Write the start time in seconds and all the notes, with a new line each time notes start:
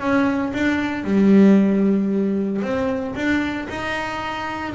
0.00 C#4
0.54 D4
1.05 G3
2.62 C4
3.16 D4
3.69 D#4